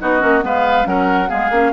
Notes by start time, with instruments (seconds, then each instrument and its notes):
0.00 bassoon B3, clarinet D#4, oboe F#4, flute D#5
0.20 bassoon A#3, clarinet C#4
0.42 bassoon G#3, clarinet B3, oboe B4, flute F5
0.84 bassoon F#3, clarinet C#4, oboe A#4, flute F#5
1.28 bassoon G#3, clarinet B3, oboe G#4, flute F5
1.51 bassoon A#3, clarinet C#4